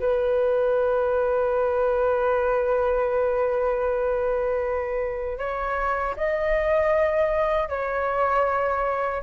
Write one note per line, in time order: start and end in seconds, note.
0.00 5.38 B4
5.38 6.15 C#5
6.17 7.69 D#5
7.69 9.23 C#5